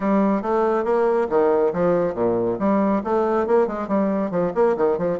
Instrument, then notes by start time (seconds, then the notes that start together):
bassoon
0.00 G3
0.42 A3
0.84 A#3
1.29 D#3
1.73 F3
2.14 A#2
2.59 G3
3.04 A3
3.46 A#3
3.67 G#3
3.88 G3
4.30 F3
4.54 A#3
4.77 D#3
4.98 F3